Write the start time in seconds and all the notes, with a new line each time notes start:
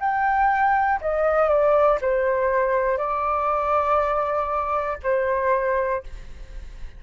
0.00 G5
1.01 D#5
1.49 D5
2.01 C5
2.98 D5
5.03 C5